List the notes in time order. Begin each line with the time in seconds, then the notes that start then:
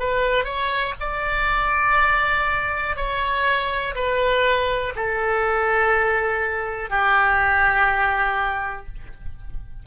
0.00 B4
0.45 C#5
1.01 D5
2.96 C#5
3.96 B4
4.96 A4
6.90 G4